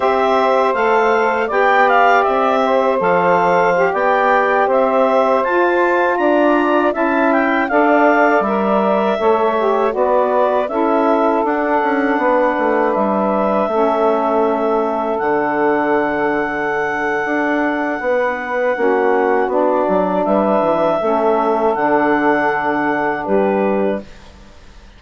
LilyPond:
<<
  \new Staff \with { instrumentName = "clarinet" } { \time 4/4 \tempo 4 = 80 e''4 f''4 g''8 f''8 e''4 | f''4~ f''16 g''4 e''4 a''8.~ | a''16 ais''4 a''8 g''8 f''4 e''8.~ | e''4~ e''16 d''4 e''4 fis''8.~ |
fis''4~ fis''16 e''2~ e''8.~ | e''16 fis''2.~ fis''8.~ | fis''2 d''4 e''4~ | e''4 fis''2 b'4 | }
  \new Staff \with { instrumentName = "saxophone" } { \time 4/4 c''2 d''4. c''8~ | c''4~ c''16 d''4 c''4.~ c''16~ | c''16 d''4 e''4 d''4.~ d''16~ | d''16 cis''4 b'4 a'4.~ a'16~ |
a'16 b'2 a'4.~ a'16~ | a'1 | b'4 fis'2 b'4 | a'2. g'4 | }
  \new Staff \with { instrumentName = "saxophone" } { \time 4/4 g'4 a'4 g'2 | a'4 g'2~ g'16 f'8.~ | f'4~ f'16 e'4 a'4 ais'8.~ | ais'16 a'8 g'8 fis'4 e'4 d'8.~ |
d'2~ d'16 cis'4.~ cis'16~ | cis'16 d'2.~ d'8.~ | d'4 cis'4 d'2 | cis'4 d'2. | }
  \new Staff \with { instrumentName = "bassoon" } { \time 4/4 c'4 a4 b4 c'4 | f4~ f16 b4 c'4 f'8.~ | f'16 d'4 cis'4 d'4 g8.~ | g16 a4 b4 cis'4 d'8 cis'16~ |
cis'16 b8 a8 g4 a4.~ a16~ | a16 d2~ d8. d'4 | b4 ais4 b8 fis8 g8 e8 | a4 d2 g4 | }
>>